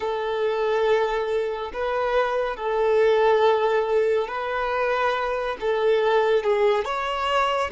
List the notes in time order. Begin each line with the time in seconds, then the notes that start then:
0.00 A4
1.73 B4
2.56 A4
4.28 B4
5.60 A4
6.43 G#4
6.85 C#5